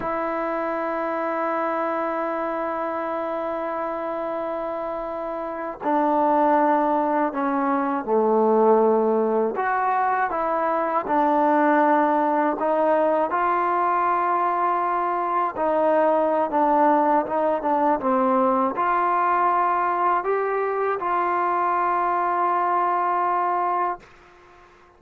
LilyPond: \new Staff \with { instrumentName = "trombone" } { \time 4/4 \tempo 4 = 80 e'1~ | e'2.~ e'8. d'16~ | d'4.~ d'16 cis'4 a4~ a16~ | a8. fis'4 e'4 d'4~ d'16~ |
d'8. dis'4 f'2~ f'16~ | f'8. dis'4~ dis'16 d'4 dis'8 d'8 | c'4 f'2 g'4 | f'1 | }